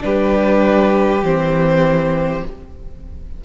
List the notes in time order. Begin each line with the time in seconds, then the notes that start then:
0.00 G3 D4 G4 B4
1.23 E3 C4 C5